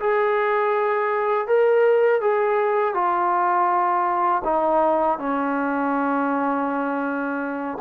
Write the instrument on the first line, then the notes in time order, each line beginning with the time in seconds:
trombone
0.00 G#4
1.48 A#4
2.22 G#4
2.95 F4
4.45 D#4
5.19 C#4